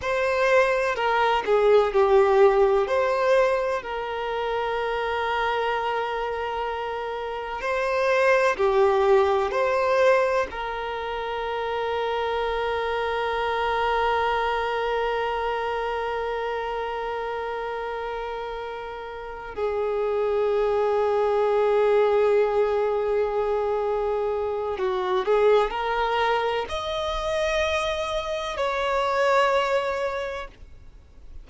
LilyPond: \new Staff \with { instrumentName = "violin" } { \time 4/4 \tempo 4 = 63 c''4 ais'8 gis'8 g'4 c''4 | ais'1 | c''4 g'4 c''4 ais'4~ | ais'1~ |
ais'1~ | ais'8 gis'2.~ gis'8~ | gis'2 fis'8 gis'8 ais'4 | dis''2 cis''2 | }